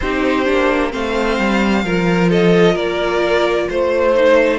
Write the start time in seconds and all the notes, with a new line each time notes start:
0.00 C4 D#4 G4 C5
0.45 A#3 D4
0.90 A3 C4 C5 F5
1.38 G3
1.83 F3 F4 A#4
2.29 A4 D#5
2.73 A#3 A#4 D5
3.69 A3 C5
4.14 D#4